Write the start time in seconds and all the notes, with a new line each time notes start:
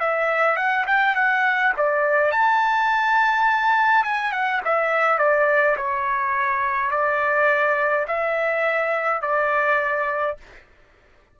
0.00 E5
0.56 F#5
0.87 G5
1.15 F#5
1.76 D5
2.31 A5
4.04 G#5
4.32 F#5
4.65 E5
5.18 D5
5.77 C#5
6.91 D5
8.07 E5
9.22 D5